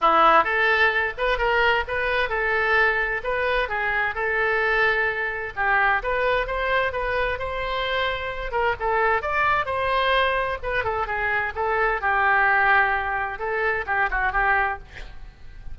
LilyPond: \new Staff \with { instrumentName = "oboe" } { \time 4/4 \tempo 4 = 130 e'4 a'4. b'8 ais'4 | b'4 a'2 b'4 | gis'4 a'2. | g'4 b'4 c''4 b'4 |
c''2~ c''8 ais'8 a'4 | d''4 c''2 b'8 a'8 | gis'4 a'4 g'2~ | g'4 a'4 g'8 fis'8 g'4 | }